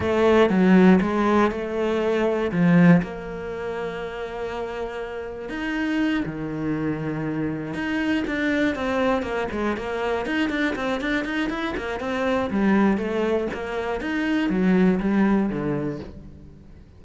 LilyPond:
\new Staff \with { instrumentName = "cello" } { \time 4/4 \tempo 4 = 120 a4 fis4 gis4 a4~ | a4 f4 ais2~ | ais2. dis'4~ | dis'8 dis2. dis'8~ |
dis'8 d'4 c'4 ais8 gis8 ais8~ | ais8 dis'8 d'8 c'8 d'8 dis'8 e'8 ais8 | c'4 g4 a4 ais4 | dis'4 fis4 g4 d4 | }